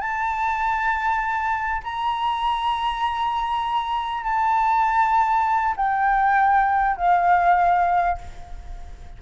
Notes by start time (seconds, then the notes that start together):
0.00 A5
1.83 A#5
4.23 A5
5.76 G5
6.97 F5